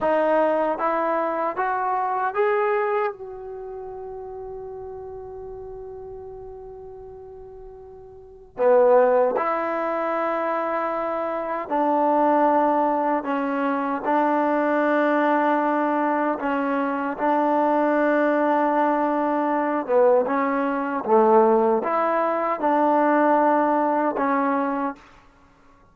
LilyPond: \new Staff \with { instrumentName = "trombone" } { \time 4/4 \tempo 4 = 77 dis'4 e'4 fis'4 gis'4 | fis'1~ | fis'2. b4 | e'2. d'4~ |
d'4 cis'4 d'2~ | d'4 cis'4 d'2~ | d'4. b8 cis'4 a4 | e'4 d'2 cis'4 | }